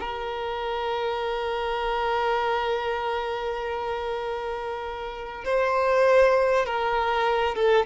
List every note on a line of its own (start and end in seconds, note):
0.00 5.45 A#4
5.45 6.66 C5
6.66 7.56 A#4
7.56 7.86 A4